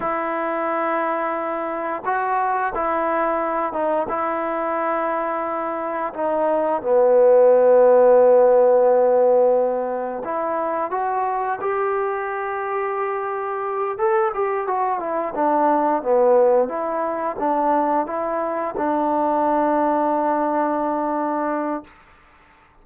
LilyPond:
\new Staff \with { instrumentName = "trombone" } { \time 4/4 \tempo 4 = 88 e'2. fis'4 | e'4. dis'8 e'2~ | e'4 dis'4 b2~ | b2. e'4 |
fis'4 g'2.~ | g'8 a'8 g'8 fis'8 e'8 d'4 b8~ | b8 e'4 d'4 e'4 d'8~ | d'1 | }